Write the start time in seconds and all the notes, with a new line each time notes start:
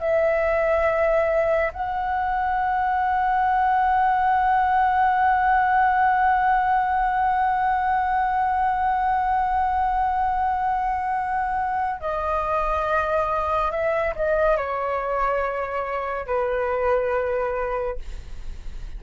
0.00 E5
1.73 F#5
12.00 D#5
13.71 E5
14.15 D#5
14.56 C#5
16.26 B4